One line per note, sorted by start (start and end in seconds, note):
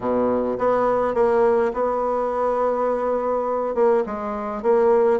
0.00 0.57 B2
0.58 1.14 B3
1.14 1.72 A#3
1.73 3.74 B3
3.74 4.03 A#3
4.06 4.62 G#3
4.62 5.20 A#3